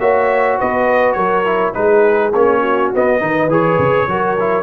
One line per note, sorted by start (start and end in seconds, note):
0.00 0.58 A#3
0.00 1.45 F#4
0.00 0.58 C#5
0.00 0.58 E5
0.58 1.16 B3
0.58 1.16 B4
0.58 1.13 D#5
1.13 1.74 F#3
1.13 1.75 A#4
1.13 1.71 C#5
1.45 1.74 E4
1.74 2.33 G#3
1.74 2.32 D#4
1.74 2.61 G#4
1.74 2.33 B4
2.33 2.92 A#3
2.33 2.94 C#4
2.33 2.92 C#5
2.61 3.19 F#4
2.94 3.19 B3
2.94 3.21 B3
2.94 3.52 D#5
3.19 3.48 D#3
3.19 3.48 D#4
3.19 4.10 B4
3.48 3.77 E3
3.48 4.08 G#4
3.48 4.63 C#5
3.78 4.07 C#3
4.08 4.63 F#3
4.08 4.38 F#4
4.08 4.63 A#4
4.40 4.63 E4